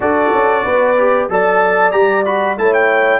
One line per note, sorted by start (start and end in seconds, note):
0.00 0.30 D4
0.00 0.96 F#4
0.00 0.64 A4
0.00 1.29 D5
0.33 0.65 C#4
0.64 1.29 B3
0.64 1.28 B4
0.97 1.29 G4
1.29 1.93 F#3
1.29 1.91 A4
1.29 2.60 D5
1.29 1.91 A5
1.91 2.57 G3
1.91 2.24 G4
1.91 2.23 A#5
2.25 2.57 F#4
2.25 2.57 B5
2.57 3.19 A3
2.57 3.19 E4
2.57 3.19 C#5
2.57 2.73 A5
2.73 3.19 G5